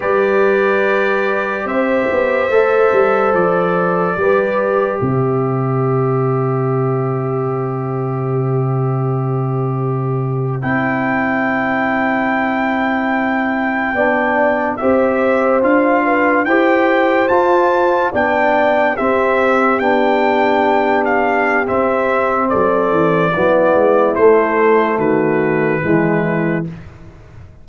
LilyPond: <<
  \new Staff \with { instrumentName = "trumpet" } { \time 4/4 \tempo 4 = 72 d''2 e''2 | d''2 e''2~ | e''1~ | e''8. g''2.~ g''16~ |
g''4.~ g''16 e''4 f''4 g''16~ | g''8. a''4 g''4 e''4 g''16~ | g''4~ g''16 f''8. e''4 d''4~ | d''4 c''4 b'2 | }
  \new Staff \with { instrumentName = "horn" } { \time 4/4 b'2 c''2~ | c''4 b'4 c''2~ | c''1~ | c''1~ |
c''8. d''4 c''4. b'8 c''16~ | c''4.~ c''16 d''4 g'4~ g'16~ | g'2. a'4 | e'2 fis'4 e'4 | }
  \new Staff \with { instrumentName = "trombone" } { \time 4/4 g'2. a'4~ | a'4 g'2.~ | g'1~ | g'8. e'2.~ e'16~ |
e'8. d'4 g'4 f'4 g'16~ | g'8. f'4 d'4 c'4 d'16~ | d'2 c'2 | b4 a2 gis4 | }
  \new Staff \with { instrumentName = "tuba" } { \time 4/4 g2 c'8 b8 a8 g8 | f4 g4 c2~ | c1~ | c8. c'2.~ c'16~ |
c'8. b4 c'4 d'4 e'16~ | e'8. f'4 b4 c'4 b16~ | b2 c'4 fis8 e8 | fis8 gis8 a4 dis4 e4 | }
>>